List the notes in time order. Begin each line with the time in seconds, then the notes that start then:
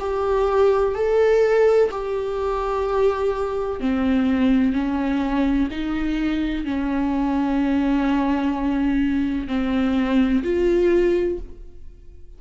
0.00 G4
0.95 A4
1.91 G4
3.81 C4
4.73 C#4
5.71 D#4
6.65 C#4
9.48 C4
10.44 F4